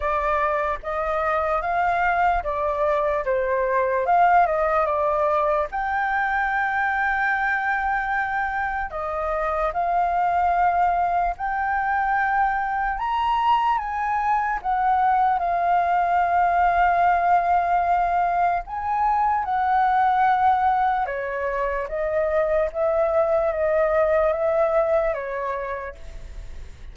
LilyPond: \new Staff \with { instrumentName = "flute" } { \time 4/4 \tempo 4 = 74 d''4 dis''4 f''4 d''4 | c''4 f''8 dis''8 d''4 g''4~ | g''2. dis''4 | f''2 g''2 |
ais''4 gis''4 fis''4 f''4~ | f''2. gis''4 | fis''2 cis''4 dis''4 | e''4 dis''4 e''4 cis''4 | }